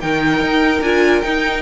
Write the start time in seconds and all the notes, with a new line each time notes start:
0.00 D#3 D#4 A#4 G5
0.40 D#4
0.81 D4 F4 G#5
1.21 D#4 G5